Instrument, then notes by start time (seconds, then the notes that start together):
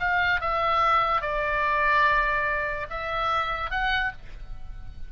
oboe
0.00 F5
0.41 E5
1.22 D5
2.90 E5
3.71 F#5